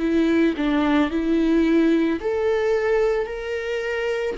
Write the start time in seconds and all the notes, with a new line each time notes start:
0.00 E4
0.58 D4
1.11 E4
2.21 A4
3.27 A#4